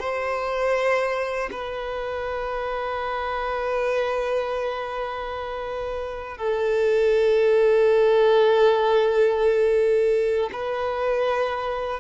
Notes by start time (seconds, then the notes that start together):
0.00 C5
1.52 B4
6.38 A4
10.53 B4